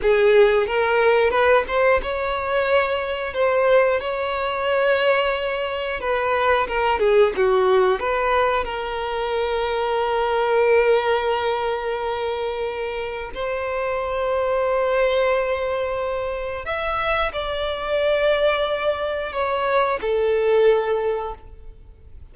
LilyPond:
\new Staff \with { instrumentName = "violin" } { \time 4/4 \tempo 4 = 90 gis'4 ais'4 b'8 c''8 cis''4~ | cis''4 c''4 cis''2~ | cis''4 b'4 ais'8 gis'8 fis'4 | b'4 ais'2.~ |
ais'1 | c''1~ | c''4 e''4 d''2~ | d''4 cis''4 a'2 | }